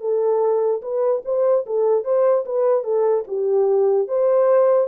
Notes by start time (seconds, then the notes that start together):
0.00 A4
0.81 B4
1.25 C5
1.66 A4
2.04 C5
2.45 B4
2.83 A4
3.27 G4
4.08 C5